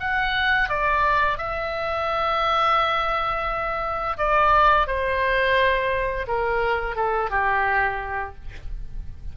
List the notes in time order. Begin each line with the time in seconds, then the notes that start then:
0.00 F#5
0.69 D5
1.38 E5
4.18 D5
4.87 C5
6.28 A#4
6.96 A4
7.31 G4